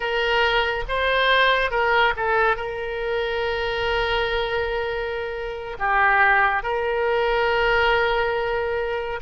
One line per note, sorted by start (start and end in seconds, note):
0.00 0.84 A#4
0.88 1.70 C5
1.70 2.13 A#4
2.16 2.56 A4
2.56 5.77 A#4
5.78 6.62 G4
6.62 9.19 A#4